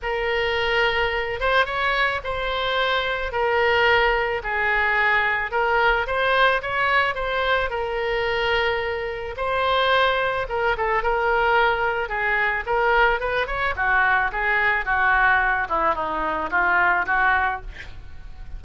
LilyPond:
\new Staff \with { instrumentName = "oboe" } { \time 4/4 \tempo 4 = 109 ais'2~ ais'8 c''8 cis''4 | c''2 ais'2 | gis'2 ais'4 c''4 | cis''4 c''4 ais'2~ |
ais'4 c''2 ais'8 a'8 | ais'2 gis'4 ais'4 | b'8 cis''8 fis'4 gis'4 fis'4~ | fis'8 e'8 dis'4 f'4 fis'4 | }